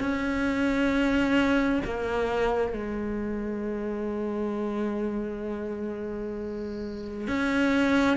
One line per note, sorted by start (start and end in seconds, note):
0.00 1.82 C#4
1.85 2.74 A#3
2.74 7.28 G#3
7.28 8.17 C#4